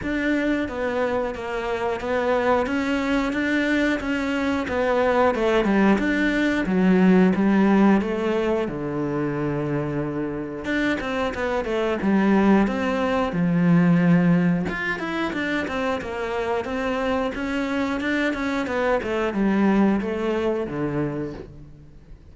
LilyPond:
\new Staff \with { instrumentName = "cello" } { \time 4/4 \tempo 4 = 90 d'4 b4 ais4 b4 | cis'4 d'4 cis'4 b4 | a8 g8 d'4 fis4 g4 | a4 d2. |
d'8 c'8 b8 a8 g4 c'4 | f2 f'8 e'8 d'8 c'8 | ais4 c'4 cis'4 d'8 cis'8 | b8 a8 g4 a4 d4 | }